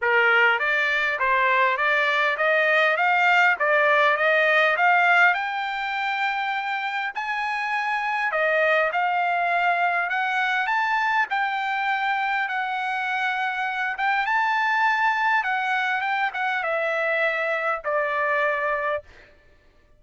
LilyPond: \new Staff \with { instrumentName = "trumpet" } { \time 4/4 \tempo 4 = 101 ais'4 d''4 c''4 d''4 | dis''4 f''4 d''4 dis''4 | f''4 g''2. | gis''2 dis''4 f''4~ |
f''4 fis''4 a''4 g''4~ | g''4 fis''2~ fis''8 g''8 | a''2 fis''4 g''8 fis''8 | e''2 d''2 | }